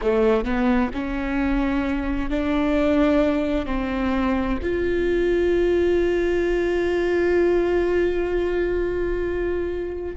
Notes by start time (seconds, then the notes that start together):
0.01 A3
0.44 B3
0.93 C#4
2.30 D4
3.66 C4
4.62 F4